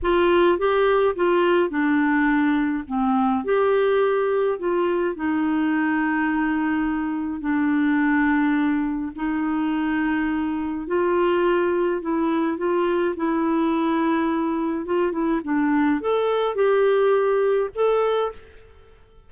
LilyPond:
\new Staff \with { instrumentName = "clarinet" } { \time 4/4 \tempo 4 = 105 f'4 g'4 f'4 d'4~ | d'4 c'4 g'2 | f'4 dis'2.~ | dis'4 d'2. |
dis'2. f'4~ | f'4 e'4 f'4 e'4~ | e'2 f'8 e'8 d'4 | a'4 g'2 a'4 | }